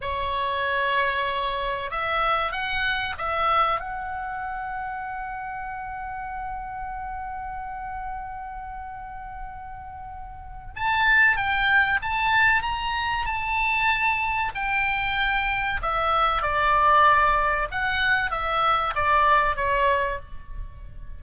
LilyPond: \new Staff \with { instrumentName = "oboe" } { \time 4/4 \tempo 4 = 95 cis''2. e''4 | fis''4 e''4 fis''2~ | fis''1~ | fis''1~ |
fis''4 a''4 g''4 a''4 | ais''4 a''2 g''4~ | g''4 e''4 d''2 | fis''4 e''4 d''4 cis''4 | }